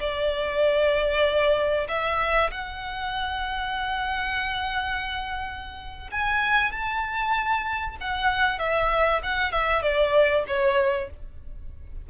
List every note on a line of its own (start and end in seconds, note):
0.00 1.88 D5
1.88 2.51 E5
2.51 6.11 F#5
6.12 6.72 G#5
6.72 7.97 A5
8.01 8.59 F#5
8.59 9.22 E5
9.23 9.52 F#5
9.52 9.82 E5
9.82 10.45 D5
10.47 11.10 C#5